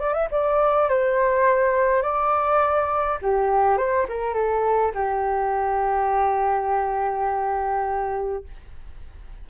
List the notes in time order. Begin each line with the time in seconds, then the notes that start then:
0.00 D5
0.14 E5
0.32 D5
0.89 C5
2.03 D5
3.23 G4
3.78 C5
4.09 A#4
4.35 A4
4.95 G4